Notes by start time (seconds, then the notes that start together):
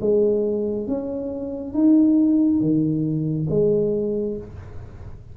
0.00 G#3
0.87 C#4
1.73 D#4
2.60 D#3
3.49 G#3